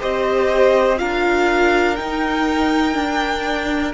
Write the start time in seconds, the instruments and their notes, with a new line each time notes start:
0.00 cello C4, viola G4, violin C5 D#5
0.97 cello D4, viola F4, violin A#4 F5
1.96 viola D#4, cello D#4, violin G5
2.93 viola D4, cello D4